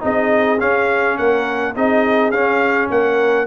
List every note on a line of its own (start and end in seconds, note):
0.00 0.61 C4
0.00 0.58 D#4
0.00 1.18 G#4
0.00 0.60 D#5
0.59 1.74 C#4
0.59 1.19 C#4
0.59 1.18 F5
1.18 1.76 A#3
1.18 1.75 A#4
1.18 1.75 F#5
1.75 2.30 C4
1.75 2.33 D#4
1.75 2.90 G#4
1.75 2.31 D#5
2.30 2.88 C#4
2.30 3.47 C#4
2.30 2.89 F5
2.90 3.47 A#3
2.90 3.47 A#4
2.90 3.47 F#5